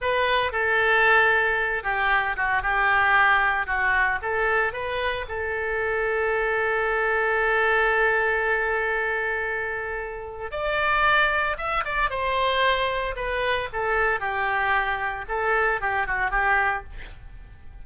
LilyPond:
\new Staff \with { instrumentName = "oboe" } { \time 4/4 \tempo 4 = 114 b'4 a'2~ a'8 g'8~ | g'8 fis'8 g'2 fis'4 | a'4 b'4 a'2~ | a'1~ |
a'1 | d''2 e''8 d''8 c''4~ | c''4 b'4 a'4 g'4~ | g'4 a'4 g'8 fis'8 g'4 | }